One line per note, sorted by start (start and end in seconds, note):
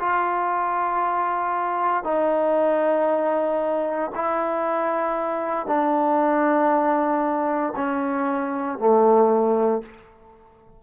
0.00 2.05 F4
2.05 4.11 D#4
4.16 5.67 E4
5.67 7.74 D4
7.76 8.79 C#4
8.79 9.83 A3